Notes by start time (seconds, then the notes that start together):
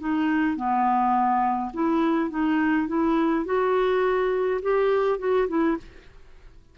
0.00 D#4
0.57 B3
1.74 E4
2.31 D#4
2.88 E4
3.46 F#4
4.62 G4
5.19 F#4
5.49 E4